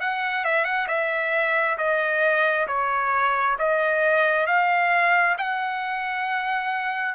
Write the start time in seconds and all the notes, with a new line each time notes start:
0.00 F#5
0.44 E5
0.64 F#5
0.88 E5
1.77 D#5
2.67 C#5
3.58 D#5
4.46 F5
5.37 F#5